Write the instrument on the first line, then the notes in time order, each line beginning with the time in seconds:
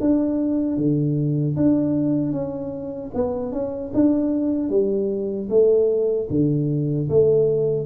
tuba
0.00 D4
0.77 D3
1.56 D4
2.32 C#4
3.14 B3
3.52 C#4
3.94 D4
4.69 G3
5.49 A3
6.30 D3
7.09 A3